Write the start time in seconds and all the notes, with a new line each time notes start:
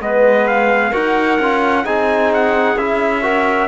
0.00 G#3 B3 B4 D#5
0.47 F5
0.91 D#4 F#4 A#4 F#5
1.39 C#4 F4
1.84 C4 D#4 G#4 G#5
2.33 F#5
2.76 C#4 E4 E5
3.22 F#4 A#4